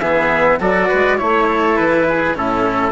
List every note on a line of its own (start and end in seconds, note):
0.00 0.59 E3
0.00 0.60 B3
0.00 0.59 G#4
0.00 0.59 E5
0.60 0.90 F#3
0.60 1.18 F#4
0.60 0.88 A4
0.60 1.18 D5
0.88 1.21 G#3
0.88 1.18 B4
1.18 1.79 A3
1.18 2.35 E4
1.18 1.77 C#5
1.18 1.48 C#5
1.48 2.06 A4
1.77 2.36 E3
1.77 2.36 B4
2.09 2.37 G#4
2.35 2.92 A2
2.35 2.92 C#4
2.35 2.92 E4
2.35 2.92 A4